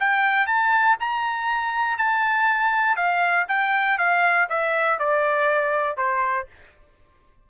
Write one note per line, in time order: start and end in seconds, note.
0.00 0.47 G5
0.47 0.97 A5
1.00 1.98 A#5
1.98 2.97 A5
2.97 3.46 F5
3.48 3.98 G5
3.99 4.49 F5
4.50 5.00 E5
5.00 5.97 D5
5.97 6.47 C5